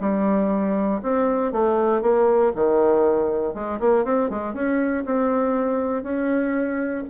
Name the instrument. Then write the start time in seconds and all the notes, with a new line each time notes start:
bassoon
0.00 G3
1.02 C4
1.52 A3
2.01 A#3
2.55 D#3
3.54 G#3
3.80 A#3
4.04 C4
4.29 G#3
4.54 C#4
5.05 C4
6.03 C#4